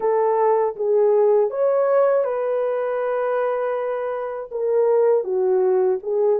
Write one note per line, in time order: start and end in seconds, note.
0.00 0.75 A4
0.75 1.50 G#4
1.50 2.24 C#5
2.24 4.49 B4
4.51 5.23 A#4
5.23 5.98 F#4
6.02 6.39 G#4